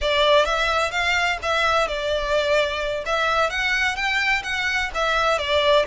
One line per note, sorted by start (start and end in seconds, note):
0.01 0.45 D5
0.45 0.91 E5
0.91 1.37 F5
1.42 1.87 E5
1.87 3.04 D5
3.05 3.49 E5
3.49 3.95 F#5
3.95 4.42 G5
4.43 4.90 F#5
4.94 5.38 E5
5.38 5.85 D5